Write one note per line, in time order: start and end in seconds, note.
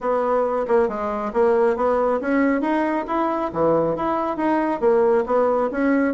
0.00 0.66 B3
0.67 0.88 A#3
0.88 1.32 G#3
1.33 1.76 A#3
1.76 2.20 B3
2.20 2.61 C#4
2.61 3.05 D#4
3.07 3.51 E4
3.53 3.96 E3
3.96 4.36 E4
4.36 4.80 D#4
4.80 5.24 A#3
5.26 5.69 B3
5.71 6.14 C#4